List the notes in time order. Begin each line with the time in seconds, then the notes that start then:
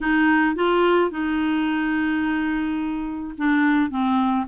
0.01 D#4
0.55 F4
1.10 D#4
3.37 D4
3.90 C4